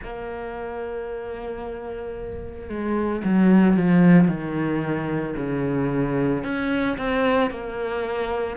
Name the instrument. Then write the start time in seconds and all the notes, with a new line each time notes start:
cello
0.03 A#3
2.69 G#3
3.24 F#3
3.76 F3
4.28 D#3
5.36 C#3
6.43 C#4
6.97 C4
7.50 A#3